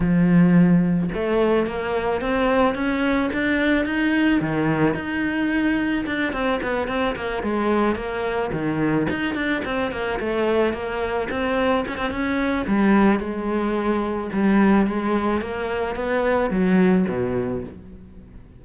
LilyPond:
\new Staff \with { instrumentName = "cello" } { \time 4/4 \tempo 4 = 109 f2 a4 ais4 | c'4 cis'4 d'4 dis'4 | dis4 dis'2 d'8 c'8 | b8 c'8 ais8 gis4 ais4 dis8~ |
dis8 dis'8 d'8 c'8 ais8 a4 ais8~ | ais8 c'4 cis'16 c'16 cis'4 g4 | gis2 g4 gis4 | ais4 b4 fis4 b,4 | }